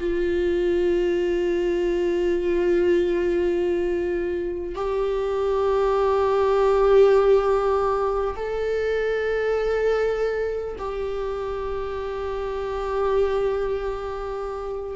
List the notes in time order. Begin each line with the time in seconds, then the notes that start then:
0.00 F4
4.76 G4
8.36 A4
10.79 G4